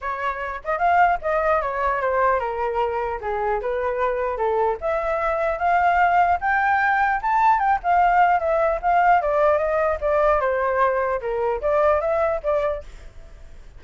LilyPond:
\new Staff \with { instrumentName = "flute" } { \time 4/4 \tempo 4 = 150 cis''4. dis''8 f''4 dis''4 | cis''4 c''4 ais'2 | gis'4 b'2 a'4 | e''2 f''2 |
g''2 a''4 g''8 f''8~ | f''4 e''4 f''4 d''4 | dis''4 d''4 c''2 | ais'4 d''4 e''4 d''4 | }